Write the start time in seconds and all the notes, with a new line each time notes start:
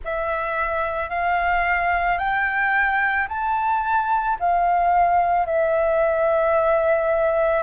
0.04 E5
1.09 F5
2.18 G5
3.28 A5
4.39 F5
5.45 E5